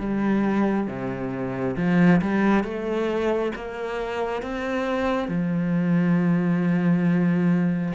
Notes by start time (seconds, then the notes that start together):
0.00 G3
0.88 C3
1.77 F3
2.22 G3
2.64 A3
3.56 A#3
4.43 C4
5.29 F3